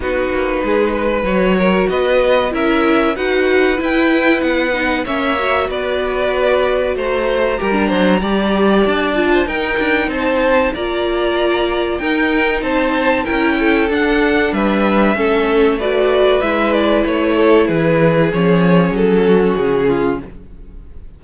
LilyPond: <<
  \new Staff \with { instrumentName = "violin" } { \time 4/4 \tempo 4 = 95 b'2 cis''4 dis''4 | e''4 fis''4 g''4 fis''4 | e''4 d''2 ais''4~ | ais''2 a''4 g''4 |
a''4 ais''2 g''4 | a''4 g''4 fis''4 e''4~ | e''4 d''4 e''8 d''8 cis''4 | b'4 cis''4 a'4 gis'4 | }
  \new Staff \with { instrumentName = "violin" } { \time 4/4 fis'4 gis'8 b'4 ais'8 b'4 | ais'4 b'2. | cis''4 b'2 c''4 | ais'8 c''8 d''4.~ d''16 c''16 ais'4 |
c''4 d''2 ais'4 | c''4 ais'8 a'4. b'4 | a'4 b'2~ b'8 a'8 | gis'2~ gis'8 fis'4 f'8 | }
  \new Staff \with { instrumentName = "viola" } { \time 4/4 dis'2 fis'2 | e'4 fis'4 e'4. dis'8 | cis'8 fis'2.~ fis'8 | g'16 d'8. g'4. f'8 dis'4~ |
dis'4 f'2 dis'4~ | dis'4 e'4 d'2 | cis'4 fis'4 e'2~ | e'4 cis'2. | }
  \new Staff \with { instrumentName = "cello" } { \time 4/4 b8 ais8 gis4 fis4 b4 | cis'4 dis'4 e'4 b4 | ais4 b2 a4 | g8 fis8 g4 d'4 dis'8 d'8 |
c'4 ais2 dis'4 | c'4 cis'4 d'4 g4 | a2 gis4 a4 | e4 f4 fis4 cis4 | }
>>